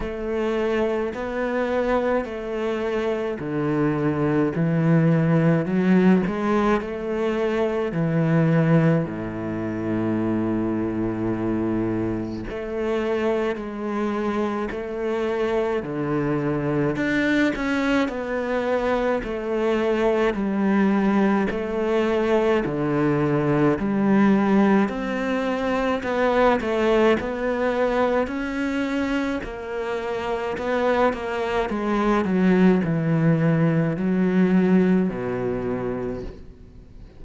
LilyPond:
\new Staff \with { instrumentName = "cello" } { \time 4/4 \tempo 4 = 53 a4 b4 a4 d4 | e4 fis8 gis8 a4 e4 | a,2. a4 | gis4 a4 d4 d'8 cis'8 |
b4 a4 g4 a4 | d4 g4 c'4 b8 a8 | b4 cis'4 ais4 b8 ais8 | gis8 fis8 e4 fis4 b,4 | }